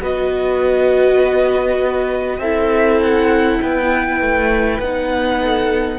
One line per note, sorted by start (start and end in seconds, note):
0.00 2.39 B3
0.00 2.40 F#4
0.00 2.40 B4
0.00 2.40 D#5
2.39 3.59 C4
2.39 4.82 E4
2.39 3.60 A4
2.39 3.00 E5
3.02 3.62 F#5
3.62 4.21 B3
3.62 5.41 B4
3.62 4.80 G5
4.21 4.79 A3
4.79 5.99 B3
4.79 5.99 D#4
4.79 5.99 F#5
5.41 5.99 A4